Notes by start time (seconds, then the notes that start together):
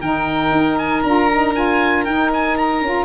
0.00 D#3 D#4 A#4 G5
0.51 D#4
0.78 G#5
1.02 D4 F4 A#5
1.31 D#4
1.54 F4 G#5
2.05 D#4 G5
2.33 G#5
2.57 A#5
2.81 C#4 F4